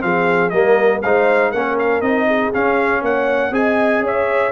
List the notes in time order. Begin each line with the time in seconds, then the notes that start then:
0.00 F3 C4 G#4 F5
0.49 G3 A#3 A#4 D#5
1.02 G#3 D#4 C5 F5
1.51 A#3 C#4 A#4 F#5
1.78 F5
2.01 C4 D#4 D#5
2.26 G#4
2.53 C#4 F5
3.01 A#3 C#5 F#5
3.50 C4 G#4 D#5 G#5
3.99 C#4 C#5
4.06 E5